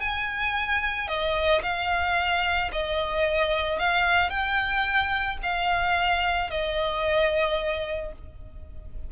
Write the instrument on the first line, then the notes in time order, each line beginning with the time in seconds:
violin
0.00 G#5
1.08 D#5
1.62 F5
2.72 D#5
3.79 F5
4.29 G5
5.42 F5
6.50 D#5